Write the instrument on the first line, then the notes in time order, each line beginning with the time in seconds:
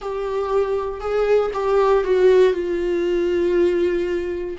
viola
0.01 G4
1.00 G#4
1.53 G4
2.04 F#4
2.53 F4